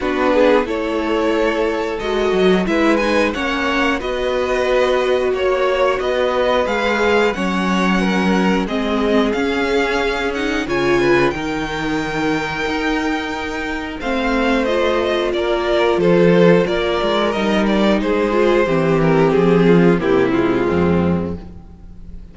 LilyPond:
<<
  \new Staff \with { instrumentName = "violin" } { \time 4/4 \tempo 4 = 90 b'4 cis''2 dis''4 | e''8 gis''8 fis''4 dis''2 | cis''4 dis''4 f''4 fis''4~ | fis''4 dis''4 f''4. fis''8 |
gis''4 g''2.~ | g''4 f''4 dis''4 d''4 | c''4 d''4 dis''8 d''8 c''4~ | c''8 ais'8 gis'4 g'8 f'4. | }
  \new Staff \with { instrumentName = "violin" } { \time 4/4 fis'8 gis'8 a'2. | b'4 cis''4 b'2 | cis''4 b'2 cis''4 | ais'4 gis'2. |
cis''8 b'8 ais'2.~ | ais'4 c''2 ais'4 | a'4 ais'2 gis'4 | g'4. f'8 e'4 c'4 | }
  \new Staff \with { instrumentName = "viola" } { \time 4/4 d'4 e'2 fis'4 | e'8 dis'8 cis'4 fis'2~ | fis'2 gis'4 cis'4~ | cis'4 c'4 cis'4. dis'8 |
f'4 dis'2.~ | dis'4 c'4 f'2~ | f'2 dis'4. f'8 | c'2 ais8 gis4. | }
  \new Staff \with { instrumentName = "cello" } { \time 4/4 b4 a2 gis8 fis8 | gis4 ais4 b2 | ais4 b4 gis4 fis4~ | fis4 gis4 cis'2 |
cis4 dis2 dis'4~ | dis'4 a2 ais4 | f4 ais8 gis8 g4 gis4 | e4 f4 c4 f,4 | }
>>